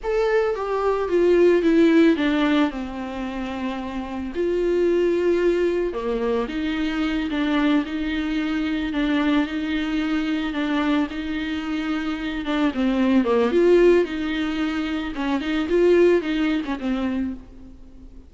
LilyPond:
\new Staff \with { instrumentName = "viola" } { \time 4/4 \tempo 4 = 111 a'4 g'4 f'4 e'4 | d'4 c'2. | f'2. ais4 | dis'4. d'4 dis'4.~ |
dis'8 d'4 dis'2 d'8~ | d'8 dis'2~ dis'8 d'8 c'8~ | c'8 ais8 f'4 dis'2 | cis'8 dis'8 f'4 dis'8. cis'16 c'4 | }